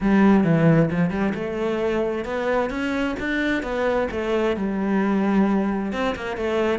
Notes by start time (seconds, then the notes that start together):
0.00 G3
0.44 E3
0.90 F3
1.10 G3
1.34 A3
2.25 B3
2.70 C#4
3.19 D4
3.62 B3
4.11 A3
4.56 G3
5.92 C4
6.15 A#3
6.36 A3